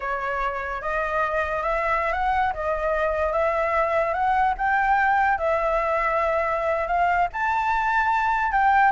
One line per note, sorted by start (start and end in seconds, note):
0.00 0.81 C#5
0.81 1.62 D#5
1.62 2.12 E5
2.12 2.52 F#5
2.53 3.32 D#5
3.32 4.13 E5
4.13 4.54 F#5
4.57 5.38 G5
5.38 6.87 E5
6.87 7.28 F5
7.32 8.52 A5
8.52 8.91 G5